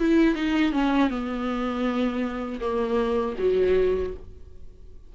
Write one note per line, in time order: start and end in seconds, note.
0.00 0.36 E4
0.36 0.73 D#4
0.73 1.10 C#4
1.10 2.60 B3
2.61 3.36 A#3
3.39 4.14 F#3